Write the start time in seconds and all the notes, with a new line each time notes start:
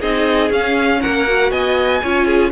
0.00 C4 D#4 G#4 D#5
0.50 C#4 F5
1.02 A#3 A#4 F#5
1.27 F#4
1.51 B3 D#5 G#5
2.03 C#4 F4 C#5
2.26 G#4